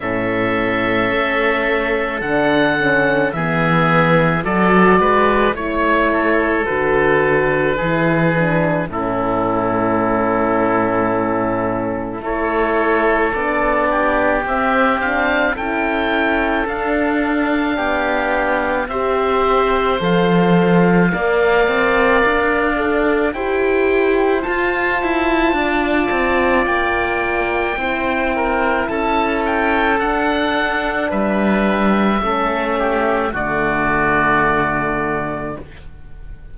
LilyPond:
<<
  \new Staff \with { instrumentName = "oboe" } { \time 4/4 \tempo 4 = 54 e''2 fis''4 e''4 | d''4 cis''4 b'2 | a'2. cis''4 | d''4 e''8 f''8 g''4 f''4~ |
f''4 e''4 f''2~ | f''4 g''4 a''2 | g''2 a''8 g''8 fis''4 | e''2 d''2 | }
  \new Staff \with { instrumentName = "oboe" } { \time 4/4 a'2. gis'4 | a'8 b'8 cis''8 a'4. gis'4 | e'2. a'4~ | a'8 g'4. a'2 |
g'4 c''2 d''4~ | d''4 c''2 d''4~ | d''4 c''8 ais'8 a'2 | b'4 a'8 g'8 fis'2 | }
  \new Staff \with { instrumentName = "horn" } { \time 4/4 cis'2 d'8 cis'8 b4 | fis'4 e'4 fis'4 e'8 d'8 | cis'2. e'4 | d'4 c'8 d'8 e'4 d'4~ |
d'4 g'4 a'4 ais'4~ | ais'8 a'8 g'4 f'2~ | f'4 e'2 d'4~ | d'4 cis'4 a2 | }
  \new Staff \with { instrumentName = "cello" } { \time 4/4 a,4 a4 d4 e4 | fis8 gis8 a4 d4 e4 | a,2. a4 | b4 c'4 cis'4 d'4 |
b4 c'4 f4 ais8 c'8 | d'4 e'4 f'8 e'8 d'8 c'8 | ais4 c'4 cis'4 d'4 | g4 a4 d2 | }
>>